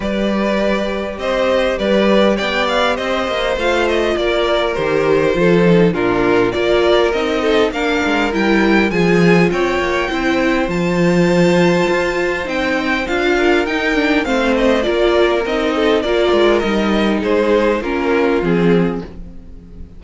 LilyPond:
<<
  \new Staff \with { instrumentName = "violin" } { \time 4/4 \tempo 4 = 101 d''2 dis''4 d''4 | g''8 f''8 dis''4 f''8 dis''8 d''4 | c''2 ais'4 d''4 | dis''4 f''4 g''4 gis''4 |
g''2 a''2~ | a''4 g''4 f''4 g''4 | f''8 dis''8 d''4 dis''4 d''4 | dis''4 c''4 ais'4 gis'4 | }
  \new Staff \with { instrumentName = "violin" } { \time 4/4 b'2 c''4 b'4 | d''4 c''2 ais'4~ | ais'4 a'4 f'4 ais'4~ | ais'8 a'8 ais'2 gis'4 |
cis''4 c''2.~ | c''2~ c''8 ais'4. | c''4 ais'4. a'8 ais'4~ | ais'4 gis'4 f'2 | }
  \new Staff \with { instrumentName = "viola" } { \time 4/4 g'1~ | g'2 f'2 | g'4 f'8 dis'8 d'4 f'4 | dis'4 d'4 e'4 f'4~ |
f'4 e'4 f'2~ | f'4 dis'4 f'4 dis'8 d'8 | c'4 f'4 dis'4 f'4 | dis'2 cis'4 c'4 | }
  \new Staff \with { instrumentName = "cello" } { \time 4/4 g2 c'4 g4 | b4 c'8 ais8 a4 ais4 | dis4 f4 ais,4 ais4 | c'4 ais8 gis8 g4 f4 |
c'8 ais8 c'4 f2 | f'4 c'4 d'4 dis'4 | a4 ais4 c'4 ais8 gis8 | g4 gis4 ais4 f4 | }
>>